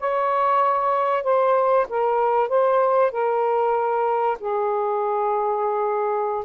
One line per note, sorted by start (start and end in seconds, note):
0.00 1.23 C#5
1.23 1.87 C5
1.89 2.49 A#4
2.49 3.12 C5
3.12 4.38 A#4
4.40 6.45 G#4